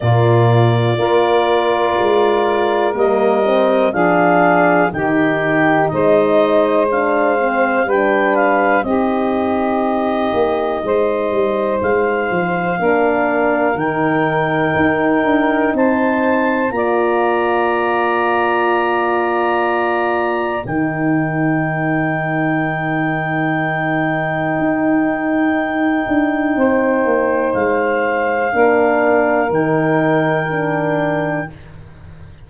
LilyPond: <<
  \new Staff \with { instrumentName = "clarinet" } { \time 4/4 \tempo 4 = 61 d''2. dis''4 | f''4 g''4 dis''4 f''4 | g''8 f''8 dis''2. | f''2 g''2 |
a''4 ais''2.~ | ais''4 g''2.~ | g''1 | f''2 g''2 | }
  \new Staff \with { instrumentName = "saxophone" } { \time 4/4 f'4 ais'2. | gis'4 g'4 c''2 | b'4 g'2 c''4~ | c''4 ais'2. |
c''4 d''2.~ | d''4 ais'2.~ | ais'2. c''4~ | c''4 ais'2. | }
  \new Staff \with { instrumentName = "horn" } { \time 4/4 ais4 f'2 ais8 c'8 | d'4 dis'2 d'8 c'8 | d'4 dis'2.~ | dis'4 d'4 dis'2~ |
dis'4 f'2.~ | f'4 dis'2.~ | dis'1~ | dis'4 d'4 dis'4 d'4 | }
  \new Staff \with { instrumentName = "tuba" } { \time 4/4 ais,4 ais4 gis4 g4 | f4 dis4 gis2 | g4 c'4. ais8 gis8 g8 | gis8 f8 ais4 dis4 dis'8 d'8 |
c'4 ais2.~ | ais4 dis2.~ | dis4 dis'4. d'8 c'8 ais8 | gis4 ais4 dis2 | }
>>